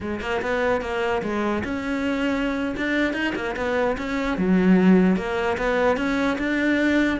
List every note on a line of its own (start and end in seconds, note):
0.00 0.20 G#3
0.20 0.41 A#3
0.42 0.81 B3
0.81 1.22 A#3
1.22 1.63 G#3
1.63 2.75 C#4
2.76 3.13 D4
3.13 3.33 D#4
3.35 3.55 A#3
3.56 3.97 B3
3.97 4.37 C#4
4.37 5.16 F#3
5.16 5.57 A#3
5.57 5.96 B3
5.96 6.37 C#4
6.38 7.19 D4